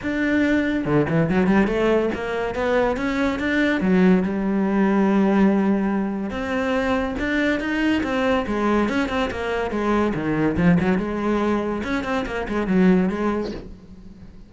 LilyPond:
\new Staff \with { instrumentName = "cello" } { \time 4/4 \tempo 4 = 142 d'2 d8 e8 fis8 g8 | a4 ais4 b4 cis'4 | d'4 fis4 g2~ | g2. c'4~ |
c'4 d'4 dis'4 c'4 | gis4 cis'8 c'8 ais4 gis4 | dis4 f8 fis8 gis2 | cis'8 c'8 ais8 gis8 fis4 gis4 | }